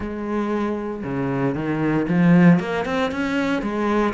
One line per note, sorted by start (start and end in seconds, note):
0.00 1.03 G#3
1.03 1.54 C#3
1.54 2.06 D#3
2.08 2.59 F3
2.59 2.85 A#3
2.85 3.11 C4
3.11 3.61 C#4
3.61 4.13 G#3